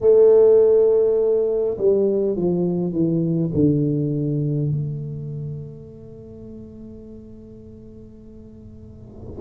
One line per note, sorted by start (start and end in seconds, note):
0.01 1.77 A3
1.77 2.35 G3
2.35 2.92 F3
2.92 3.51 E3
3.53 4.71 D3
4.71 9.40 A3